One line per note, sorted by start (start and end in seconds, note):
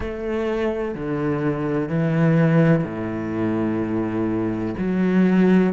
0.00 0.94 A3
0.94 1.88 D3
1.88 2.84 E3
2.84 4.74 A2
4.78 5.73 F#3